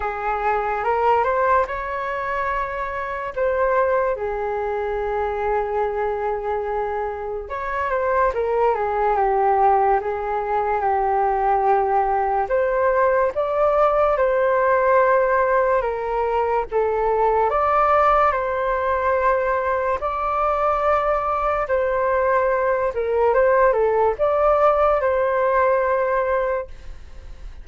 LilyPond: \new Staff \with { instrumentName = "flute" } { \time 4/4 \tempo 4 = 72 gis'4 ais'8 c''8 cis''2 | c''4 gis'2.~ | gis'4 cis''8 c''8 ais'8 gis'8 g'4 | gis'4 g'2 c''4 |
d''4 c''2 ais'4 | a'4 d''4 c''2 | d''2 c''4. ais'8 | c''8 a'8 d''4 c''2 | }